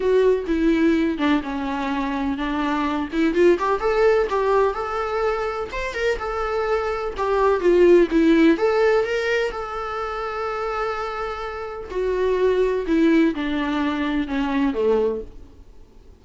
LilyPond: \new Staff \with { instrumentName = "viola" } { \time 4/4 \tempo 4 = 126 fis'4 e'4. d'8 cis'4~ | cis'4 d'4. e'8 f'8 g'8 | a'4 g'4 a'2 | c''8 ais'8 a'2 g'4 |
f'4 e'4 a'4 ais'4 | a'1~ | a'4 fis'2 e'4 | d'2 cis'4 a4 | }